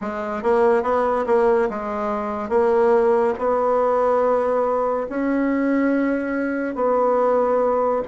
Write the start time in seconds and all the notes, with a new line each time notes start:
0.01 G#3
0.42 A#3
0.83 B3
1.26 A#3
1.69 G#3
2.49 A#3
3.38 B3
5.09 C#4
6.75 B3